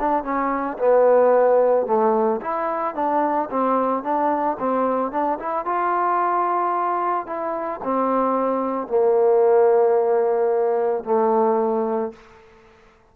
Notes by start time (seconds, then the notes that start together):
0.00 D4
0.24 C#4
0.79 B3
1.87 A3
2.42 E4
2.95 D4
3.51 C4
4.04 D4
4.60 C4
5.12 D4
5.40 E4
5.66 F4
7.27 E4
7.84 C4
8.88 A#3
11.04 A3